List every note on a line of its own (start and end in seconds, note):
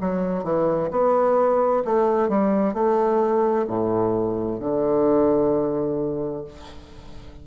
0.00 0.43 F#3
0.43 0.89 E3
0.91 1.83 B3
1.85 2.29 A3
2.29 2.74 G3
2.74 3.66 A3
3.67 4.59 A2
4.59 6.44 D3